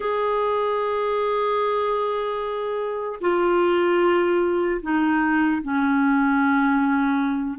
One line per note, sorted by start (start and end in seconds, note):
0.00 3.19 G#4
3.20 4.80 F4
4.81 5.61 D#4
5.62 7.59 C#4